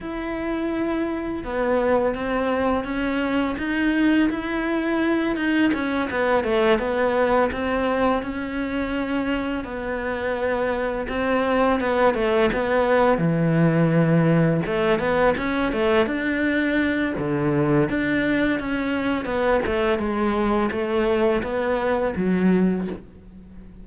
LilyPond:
\new Staff \with { instrumentName = "cello" } { \time 4/4 \tempo 4 = 84 e'2 b4 c'4 | cis'4 dis'4 e'4. dis'8 | cis'8 b8 a8 b4 c'4 cis'8~ | cis'4. b2 c'8~ |
c'8 b8 a8 b4 e4.~ | e8 a8 b8 cis'8 a8 d'4. | d4 d'4 cis'4 b8 a8 | gis4 a4 b4 fis4 | }